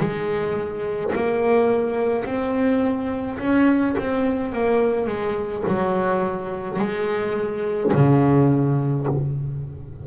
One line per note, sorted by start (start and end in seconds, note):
0.00 1.13 G#3
1.15 2.25 A#3
2.25 3.39 C4
3.39 3.96 C#4
3.98 4.53 C4
4.53 5.07 A#3
5.07 5.64 G#3
5.68 6.79 F#3
6.79 7.92 G#3
7.93 9.07 C#3